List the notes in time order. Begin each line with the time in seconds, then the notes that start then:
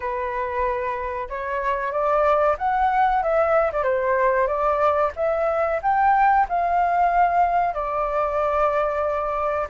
0.00 B4
1.29 C#5
1.92 D5
2.58 F#5
3.23 E5
3.72 D5
3.83 C5
4.47 D5
5.16 E5
5.82 G5
6.48 F5
7.74 D5